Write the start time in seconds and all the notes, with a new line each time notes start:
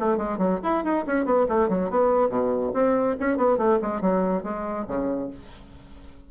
0.00 A3
0.18 G#3
0.38 F#3
0.64 E4
0.84 D#4
1.07 C#4
1.26 B3
1.49 A3
1.69 F#3
1.90 B3
2.30 B2
2.74 C4
3.21 C#4
3.38 B3
3.58 A3
3.83 G#3
4.02 F#3
4.44 G#3
4.88 C#3